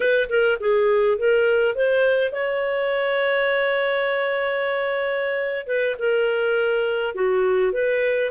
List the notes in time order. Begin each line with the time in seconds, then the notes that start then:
0.00 B4
0.29 A#4
0.60 G#4
1.18 A#4
1.75 C5
2.31 C#5
5.67 B4
5.98 A#4
7.14 F#4
7.72 B4